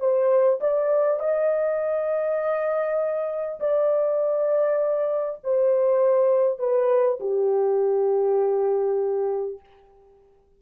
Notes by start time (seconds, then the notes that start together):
0.00 C5
0.61 D5
1.20 D#5
3.61 D5
5.44 C5
6.59 B4
7.20 G4